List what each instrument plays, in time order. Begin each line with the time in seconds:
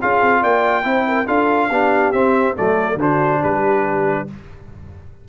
0.00 tuba C#4, trombone F4, horn G#4, trumpet F5
0.21 tuba C4
0.41 tuba A#3, horn D5, trumpet G5
0.83 tuba C4, trombone E4, horn C5
1.07 horn A#4
1.26 tuba D4, trombone F4, horn A4, trumpet F5
1.70 tuba B3, trombone D4, horn G4
2.12 tuba C4, trombone C4, trumpet E5
2.55 tuba F#3, trombone A3, horn A4, trumpet D5
2.95 tuba D3, trombone D4, horn F#4, trumpet C5
3.42 tuba G3, horn G4, trumpet B4